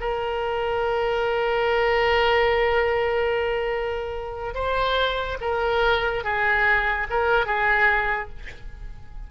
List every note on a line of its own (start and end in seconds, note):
0.00 4.54 A#4
4.54 5.37 C5
5.41 6.23 A#4
6.23 7.07 G#4
7.10 7.46 A#4
7.46 8.29 G#4